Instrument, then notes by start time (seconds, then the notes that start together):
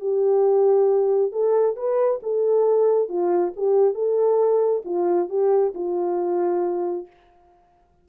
horn
0.00 G4
1.32 A4
1.76 B4
2.23 A4
3.09 F4
3.56 G4
3.94 A4
4.85 F4
5.29 G4
5.74 F4